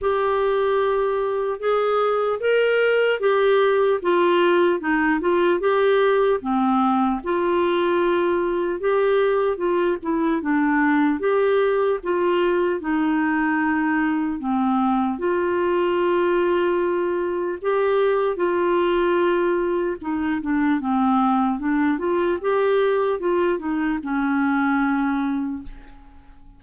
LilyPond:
\new Staff \with { instrumentName = "clarinet" } { \time 4/4 \tempo 4 = 75 g'2 gis'4 ais'4 | g'4 f'4 dis'8 f'8 g'4 | c'4 f'2 g'4 | f'8 e'8 d'4 g'4 f'4 |
dis'2 c'4 f'4~ | f'2 g'4 f'4~ | f'4 dis'8 d'8 c'4 d'8 f'8 | g'4 f'8 dis'8 cis'2 | }